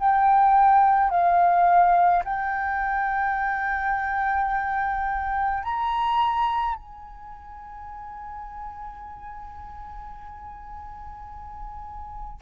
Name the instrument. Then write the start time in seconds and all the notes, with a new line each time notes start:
flute
0.00 G5
1.11 F5
2.25 G5
5.63 A#5
6.76 G#5